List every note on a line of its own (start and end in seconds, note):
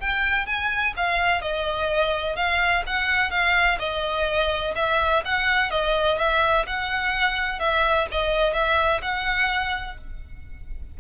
0.00 0.46 G5
0.46 0.94 G#5
0.97 1.42 F5
1.42 2.36 D#5
2.36 2.83 F5
2.86 3.31 F#5
3.31 3.78 F5
3.79 4.74 D#5
4.75 5.23 E5
5.25 5.71 F#5
5.71 6.18 D#5
6.18 6.66 E5
6.66 7.59 F#5
7.59 8.07 E5
8.11 8.53 D#5
8.53 9.01 E5
9.02 9.97 F#5